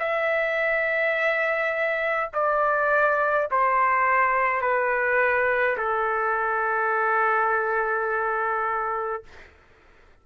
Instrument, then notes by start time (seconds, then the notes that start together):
trumpet
0.00 E5
2.34 D5
3.51 C5
4.62 B4
5.78 A4